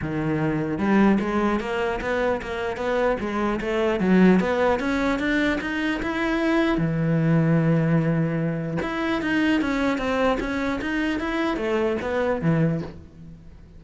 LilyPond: \new Staff \with { instrumentName = "cello" } { \time 4/4 \tempo 4 = 150 dis2 g4 gis4 | ais4 b4 ais4 b4 | gis4 a4 fis4 b4 | cis'4 d'4 dis'4 e'4~ |
e'4 e2.~ | e2 e'4 dis'4 | cis'4 c'4 cis'4 dis'4 | e'4 a4 b4 e4 | }